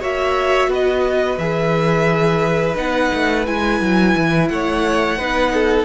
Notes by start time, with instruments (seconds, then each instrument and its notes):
0.00 cello A#3, viola F#4, violin C#5 E5
0.68 cello B3, violin B4 D#5
1.38 cello E3, viola G#4, violin E5
2.75 cello B3, viola D#4, violin F#5
3.13 cello A3
3.46 cello G#3, viola E4, violin G#5
3.80 cello F#3
4.16 cello E3
4.48 cello A3, violin C#5 F#5
5.17 cello B3, viola D#4, violin B4
5.54 violin A4